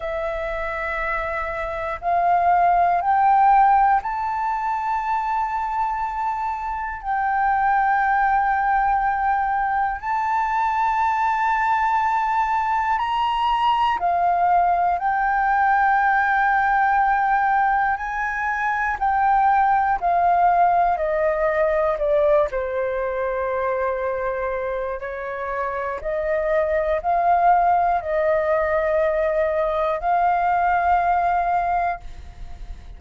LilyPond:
\new Staff \with { instrumentName = "flute" } { \time 4/4 \tempo 4 = 60 e''2 f''4 g''4 | a''2. g''4~ | g''2 a''2~ | a''4 ais''4 f''4 g''4~ |
g''2 gis''4 g''4 | f''4 dis''4 d''8 c''4.~ | c''4 cis''4 dis''4 f''4 | dis''2 f''2 | }